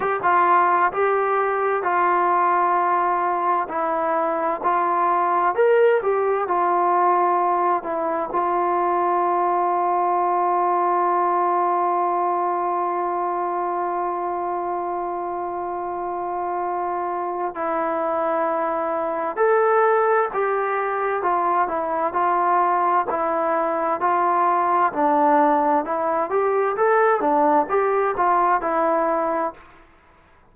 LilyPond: \new Staff \with { instrumentName = "trombone" } { \time 4/4 \tempo 4 = 65 g'16 f'8. g'4 f'2 | e'4 f'4 ais'8 g'8 f'4~ | f'8 e'8 f'2.~ | f'1~ |
f'2. e'4~ | e'4 a'4 g'4 f'8 e'8 | f'4 e'4 f'4 d'4 | e'8 g'8 a'8 d'8 g'8 f'8 e'4 | }